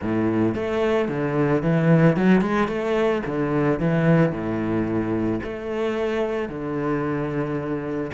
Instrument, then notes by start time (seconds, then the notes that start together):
cello
0.01 A2
0.55 A3
1.08 D3
1.62 E3
2.16 F#3
2.41 G#3
2.68 A3
3.26 D3
3.79 E3
4.31 A2
5.43 A3
6.49 D3